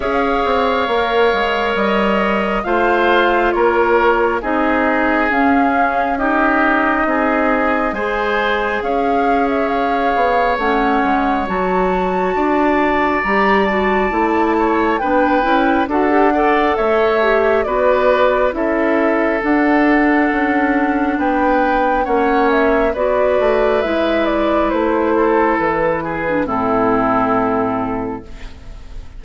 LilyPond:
<<
  \new Staff \with { instrumentName = "flute" } { \time 4/4 \tempo 4 = 68 f''2 dis''4 f''4 | cis''4 dis''4 f''4 dis''4~ | dis''4 gis''4 f''8. e''16 f''4 | fis''4 a''2 ais''8 a''8~ |
a''4 g''4 fis''4 e''4 | d''4 e''4 fis''2 | g''4 fis''8 e''8 d''4 e''8 d''8 | c''4 b'4 a'2 | }
  \new Staff \with { instrumentName = "oboe" } { \time 4/4 cis''2. c''4 | ais'4 gis'2 g'4 | gis'4 c''4 cis''2~ | cis''2 d''2~ |
d''8 cis''8 b'4 a'8 d''8 cis''4 | b'4 a'2. | b'4 cis''4 b'2~ | b'8 a'4 gis'8 e'2 | }
  \new Staff \with { instrumentName = "clarinet" } { \time 4/4 gis'4 ais'2 f'4~ | f'4 dis'4 cis'4 dis'4~ | dis'4 gis'2. | cis'4 fis'2 g'8 fis'8 |
e'4 d'8 e'8 fis'16 g'16 a'4 g'8 | fis'4 e'4 d'2~ | d'4 cis'4 fis'4 e'4~ | e'4.~ e'16 d'16 c'2 | }
  \new Staff \with { instrumentName = "bassoon" } { \time 4/4 cis'8 c'8 ais8 gis8 g4 a4 | ais4 c'4 cis'2 | c'4 gis4 cis'4. b8 | a8 gis8 fis4 d'4 g4 |
a4 b8 cis'8 d'4 a4 | b4 cis'4 d'4 cis'4 | b4 ais4 b8 a8 gis4 | a4 e4 a,2 | }
>>